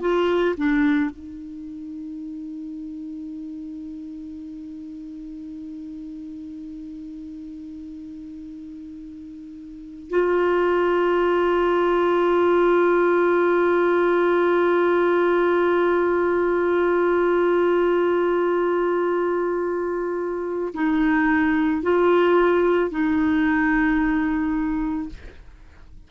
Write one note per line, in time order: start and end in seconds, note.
0.00 0.55 F4
0.57 1.10 D4
1.10 10.10 D#4
10.10 20.73 F4
20.74 21.82 D#4
21.82 22.90 F4
22.90 25.09 D#4